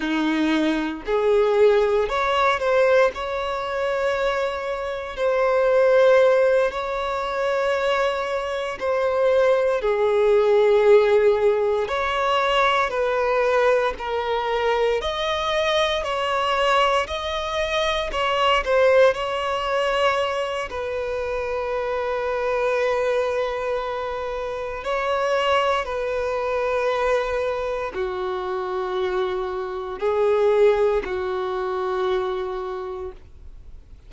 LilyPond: \new Staff \with { instrumentName = "violin" } { \time 4/4 \tempo 4 = 58 dis'4 gis'4 cis''8 c''8 cis''4~ | cis''4 c''4. cis''4.~ | cis''8 c''4 gis'2 cis''8~ | cis''8 b'4 ais'4 dis''4 cis''8~ |
cis''8 dis''4 cis''8 c''8 cis''4. | b'1 | cis''4 b'2 fis'4~ | fis'4 gis'4 fis'2 | }